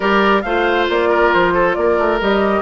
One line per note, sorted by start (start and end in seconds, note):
0.00 0.43 G3
0.00 0.43 G4
0.00 0.42 A#4
0.00 0.41 D5
0.41 0.88 A3
0.41 2.21 F4
0.41 1.09 C5
0.41 0.85 F5
0.89 1.33 A#3
0.89 1.33 D5
1.09 1.53 A#4
1.33 1.76 F3
1.33 1.74 C5
1.53 1.75 A4
1.74 1.98 A#3
1.74 2.61 A#4
1.74 2.18 D5
1.98 2.20 A3
2.21 2.61 G3
2.21 2.61 G4
2.21 2.61 D#5